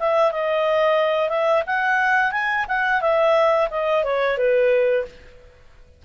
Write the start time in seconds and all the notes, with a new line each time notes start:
0.00 E5
0.32 D#5
1.29 E5
1.67 F#5
2.32 G#5
2.68 F#5
3.01 E5
3.70 D#5
4.04 C#5
4.38 B4